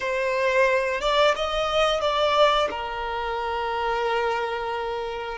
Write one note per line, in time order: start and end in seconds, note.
0.00 1.01 C5
1.01 1.34 D5
1.35 2.00 D#5
2.00 2.68 D5
2.70 5.37 A#4